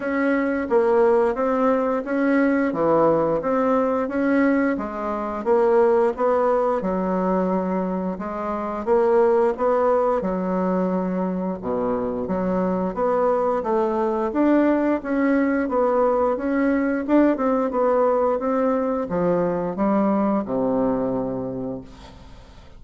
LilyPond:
\new Staff \with { instrumentName = "bassoon" } { \time 4/4 \tempo 4 = 88 cis'4 ais4 c'4 cis'4 | e4 c'4 cis'4 gis4 | ais4 b4 fis2 | gis4 ais4 b4 fis4~ |
fis4 b,4 fis4 b4 | a4 d'4 cis'4 b4 | cis'4 d'8 c'8 b4 c'4 | f4 g4 c2 | }